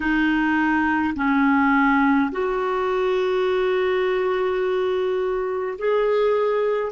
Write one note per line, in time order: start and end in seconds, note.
0.00 1.13 D#4
1.15 2.31 C#4
2.31 5.77 F#4
5.78 6.92 G#4